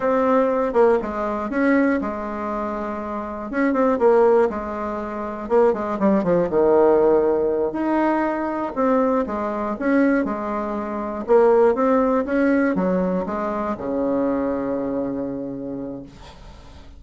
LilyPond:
\new Staff \with { instrumentName = "bassoon" } { \time 4/4 \tempo 4 = 120 c'4. ais8 gis4 cis'4 | gis2. cis'8 c'8 | ais4 gis2 ais8 gis8 | g8 f8 dis2~ dis8 dis'8~ |
dis'4. c'4 gis4 cis'8~ | cis'8 gis2 ais4 c'8~ | c'8 cis'4 fis4 gis4 cis8~ | cis1 | }